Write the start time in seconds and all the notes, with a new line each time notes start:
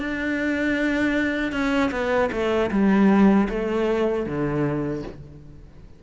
0.00 D4
1.52 C#4
1.91 B3
2.32 A3
2.71 G3
3.49 A3
4.26 D3